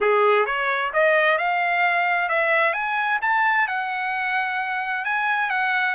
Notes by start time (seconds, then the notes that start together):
0.00 G#4
0.46 C#5
0.93 D#5
1.38 F5
2.28 E5
2.73 G#5
3.21 A5
3.67 F#5
5.04 G#5
5.50 F#5